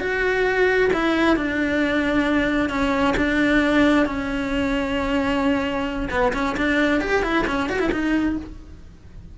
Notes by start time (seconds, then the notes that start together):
0.00 F#4
0.93 E4
1.36 D4
2.69 C#4
3.16 D4
4.06 C#4
6.10 B3
6.33 C#4
6.57 D4
7.00 G4
7.23 E4
7.47 C#4
7.69 F#4
7.79 E4
7.92 D#4